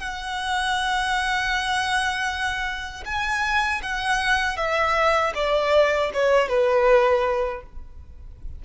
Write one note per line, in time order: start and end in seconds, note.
0.00 3.04 F#5
3.06 3.81 G#5
3.83 4.57 F#5
4.57 5.33 E5
5.35 6.11 D5
6.14 6.49 C#5
6.49 7.63 B4